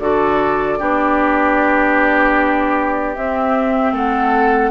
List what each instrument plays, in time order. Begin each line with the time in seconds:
0.00 bassoon D3, clarinet F#4, oboe A4, flute D5
0.79 bassoon B3, clarinet D4, oboe G4
3.15 bassoon C4, clarinet C4, flute E5
3.92 bassoon A3, oboe A4, flute F#5